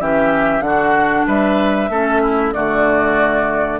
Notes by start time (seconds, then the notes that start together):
0.00 E3 C#4 G4 E5
0.60 D3 D4 F#4 F#5
1.27 G3 B4 E5
1.89 A3 C#4 A4
2.22 E4
2.52 D3 A3 F#4 D5